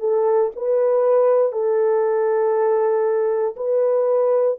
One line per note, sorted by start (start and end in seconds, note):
0.00 0.51 A4
0.56 1.53 B4
1.53 3.56 A4
3.57 4.59 B4